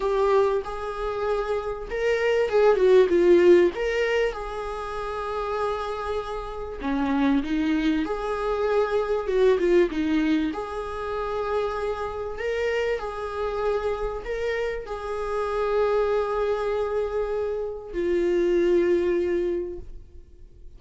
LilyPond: \new Staff \with { instrumentName = "viola" } { \time 4/4 \tempo 4 = 97 g'4 gis'2 ais'4 | gis'8 fis'8 f'4 ais'4 gis'4~ | gis'2. cis'4 | dis'4 gis'2 fis'8 f'8 |
dis'4 gis'2. | ais'4 gis'2 ais'4 | gis'1~ | gis'4 f'2. | }